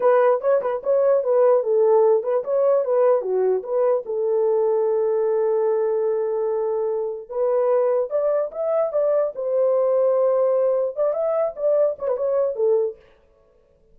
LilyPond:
\new Staff \with { instrumentName = "horn" } { \time 4/4 \tempo 4 = 148 b'4 cis''8 b'8 cis''4 b'4 | a'4. b'8 cis''4 b'4 | fis'4 b'4 a'2~ | a'1~ |
a'2 b'2 | d''4 e''4 d''4 c''4~ | c''2. d''8 e''8~ | e''8 d''4 cis''16 b'16 cis''4 a'4 | }